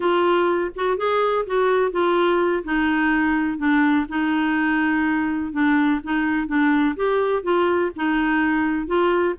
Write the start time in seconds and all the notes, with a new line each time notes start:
0.00 F4
0.75 F#4
0.97 G#4
1.46 F#4
1.91 F4
2.64 D#4
3.58 D4
4.08 D#4
5.52 D4
6.03 D#4
6.47 D4
6.96 G4
7.43 F4
7.95 D#4
8.86 F4